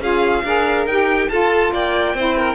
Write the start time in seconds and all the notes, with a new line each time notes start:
0.00 C#4 F4 G#4 F5
0.44 D4 G#4 A#4
0.86 D#4 G4 G5
1.29 F4 A4 A5
1.72 A#3 D5 G5
2.14 C4 E4 C5
2.38 A#4